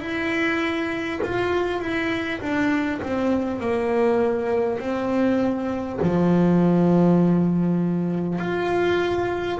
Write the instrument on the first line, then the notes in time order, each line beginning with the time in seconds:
double bass
0.00 E4
1.23 F4
1.80 E4
2.40 D4
3.02 C4
3.60 A#3
4.79 C4
6.02 F3
8.38 F4